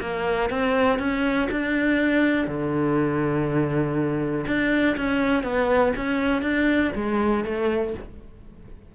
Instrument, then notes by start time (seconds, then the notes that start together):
cello
0.00 A#3
0.50 C4
0.98 C#4
1.50 D4
2.47 D3
4.47 D4
4.97 C#4
5.43 B3
5.96 C#4
6.42 D4
6.95 G#3
7.44 A3